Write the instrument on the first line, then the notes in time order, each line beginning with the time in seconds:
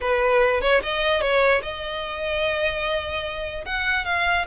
violin
0.01 B4
0.61 C#5
0.83 D#5
1.21 C#5
1.62 D#5
3.65 F#5
4.04 F5